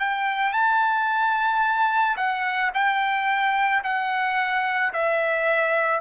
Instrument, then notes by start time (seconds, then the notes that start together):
trumpet
0.00 G5
0.53 A5
2.17 F#5
2.74 G5
3.84 F#5
4.93 E5